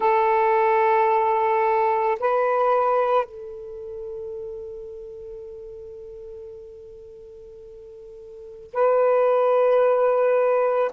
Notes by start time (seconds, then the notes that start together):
0.00 A4
2.19 B4
3.25 A4
8.73 B4